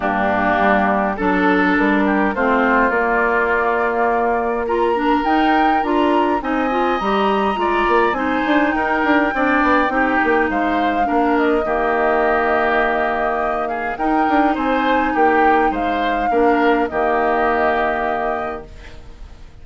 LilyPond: <<
  \new Staff \with { instrumentName = "flute" } { \time 4/4 \tempo 4 = 103 g'2 a'4 ais'4 | c''4 d''2. | ais''4 g''4 ais''4 gis''4 | ais''2 gis''4 g''4~ |
g''2 f''4. dis''8~ | dis''2.~ dis''8 f''8 | g''4 gis''4 g''4 f''4~ | f''4 dis''2. | }
  \new Staff \with { instrumentName = "oboe" } { \time 4/4 d'2 a'4. g'8 | f'1 | ais'2. dis''4~ | dis''4 d''4 c''4 ais'4 |
d''4 g'4 c''4 ais'4 | g'2.~ g'8 gis'8 | ais'4 c''4 g'4 c''4 | ais'4 g'2. | }
  \new Staff \with { instrumentName = "clarinet" } { \time 4/4 ais2 d'2 | c'4 ais2. | f'8 d'8 dis'4 f'4 dis'8 f'8 | g'4 f'4 dis'2 |
d'4 dis'2 d'4 | ais1 | dis'1 | d'4 ais2. | }
  \new Staff \with { instrumentName = "bassoon" } { \time 4/4 g,4 g4 fis4 g4 | a4 ais2.~ | ais4 dis'4 d'4 c'4 | g4 gis8 ais8 c'8 d'8 dis'8 d'8 |
c'8 b8 c'8 ais8 gis4 ais4 | dis1 | dis'8 d'8 c'4 ais4 gis4 | ais4 dis2. | }
>>